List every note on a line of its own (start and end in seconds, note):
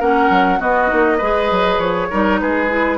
0.00 0.30 A#3
0.00 0.59 C#4
0.00 0.59 A#4
0.00 0.61 F#5
0.30 0.60 F#3
0.59 0.88 B3
0.59 0.92 B3
0.59 1.18 F#4
0.59 1.79 D#5
0.88 1.21 A#3
0.88 1.18 D#4
1.18 1.51 G#3
1.18 2.11 G#4
1.18 2.08 B4
1.51 1.78 F#3
1.78 2.08 F3
1.78 2.40 C#5
2.10 2.42 G3
2.10 2.69 D#4
2.10 2.40 A#4
2.40 2.98 G#3
2.40 2.98 G#4
2.40 2.98 B4
2.69 2.98 E4